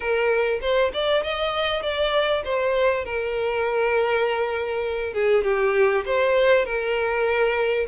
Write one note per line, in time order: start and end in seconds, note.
0.00 0.59 A#4
0.61 0.91 C5
0.93 1.23 D5
1.23 1.82 D#5
1.82 2.43 D5
2.44 3.04 C5
3.04 5.13 A#4
5.13 5.44 G#4
5.44 6.04 G4
6.05 6.65 C5
6.65 7.86 A#4